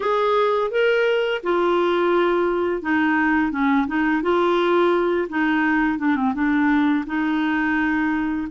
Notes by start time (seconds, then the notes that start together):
0.00 G#4
0.71 A#4
1.43 F4
2.82 D#4
3.51 C#4
3.87 D#4
4.22 F4
5.29 D#4
5.98 D4
6.16 C4
6.34 D4
7.06 D#4